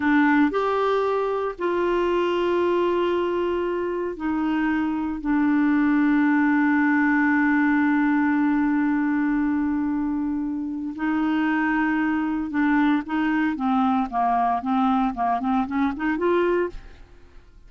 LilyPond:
\new Staff \with { instrumentName = "clarinet" } { \time 4/4 \tempo 4 = 115 d'4 g'2 f'4~ | f'1 | dis'2 d'2~ | d'1~ |
d'1~ | d'4 dis'2. | d'4 dis'4 c'4 ais4 | c'4 ais8 c'8 cis'8 dis'8 f'4 | }